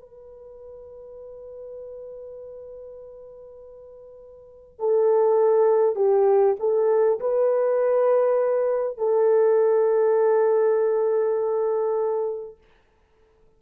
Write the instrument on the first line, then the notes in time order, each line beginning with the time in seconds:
horn
0.00 B4
4.79 A4
5.96 G4
6.59 A4
7.20 B4
8.97 A4